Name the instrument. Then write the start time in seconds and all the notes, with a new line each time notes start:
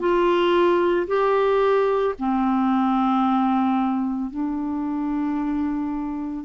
clarinet
0.00 F4
1.08 G4
2.19 C4
4.31 D4